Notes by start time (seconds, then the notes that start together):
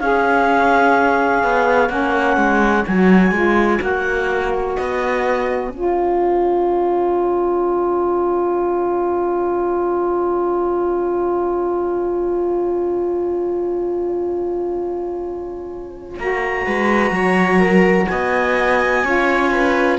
0.00 C#4 G#4 C#5 F5
1.44 B3
1.88 A#3 C#4 F#5
2.37 G#3
2.86 F#3 F#4 G#5
3.32 G#3 F4
3.80 A#3 F#4 F#5
4.54 G#5
4.77 B3 D#5
5.70 C#4 F4 C#5
16.19 A#3 F#4 A#5
16.65 G#3 B4
17.11 F#3 C#5
17.60 A#4
18.08 B3 D#5 G#5
19.04 C#4 F4 C#5
19.51 B4